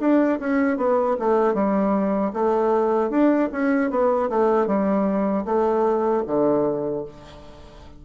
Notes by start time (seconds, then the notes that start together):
0.00 D4
0.40 C#4
0.78 B3
1.19 A3
1.54 G3
2.33 A3
3.10 D4
3.52 C#4
3.90 B3
4.30 A3
4.67 G3
5.45 A3
6.27 D3